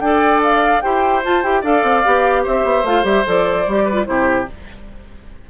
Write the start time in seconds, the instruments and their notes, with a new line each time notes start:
0.00 bassoon D4, clarinet A4, flute G5
0.07 oboe D5
0.43 flute F5
0.81 bassoon E4, clarinet G4, oboe C5, flute G5
1.24 clarinet F4, bassoon F4, flute A5
1.43 bassoon E4, clarinet G4, flute G5
1.62 bassoon D4, clarinet A4, oboe D5, flute F5
1.83 bassoon C4
2.05 bassoon B3, clarinet G4
2.43 bassoon C4, oboe C5, flute E5
2.65 bassoon B3
2.84 bassoon A3, clarinet F4, flute F5
3.03 bassoon G3, clarinet G4, flute E5
3.25 bassoon F3, clarinet A4, flute D5
3.67 bassoon G3, clarinet G4
3.85 oboe B4
3.93 clarinet F4
4.05 bassoon C3, clarinet E4, oboe G4, flute C5